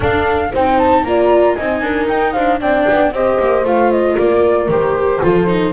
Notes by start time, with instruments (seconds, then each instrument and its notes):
0.00 viola D4, double bass D4, horn A4, flute F5
0.52 double bass C4, viola D#4, horn C5, flute G5
0.78 flute A5
1.03 double bass A#3, viola F4, horn D5, flute A#5
1.54 double bass C4, viola D#4, horn D#5, flute G#5
1.81 double bass D4, horn A#4
2.08 double bass D#4, flute G5
2.32 double bass D4, horn C5, flute F5
2.60 double bass C4, viola D4, horn D5, flute G5
2.89 double bass B3
3.12 double bass C4, viola G4, horn C5, flute D#5
3.39 double bass A#3
3.64 double bass A3, viola F4, flute F5
3.91 flute D#5
4.18 double bass A#3, horn A#4, flute D5
4.68 double bass D#3, viola G4, flute C5
5.21 double bass F3, viola F4, horn A4
5.46 viola D#4